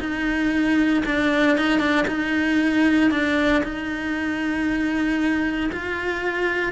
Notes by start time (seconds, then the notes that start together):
0.00 D#4
1.05 D4
1.57 D#4
1.79 D4
2.08 D#4
3.11 D4
3.63 D#4
5.72 F4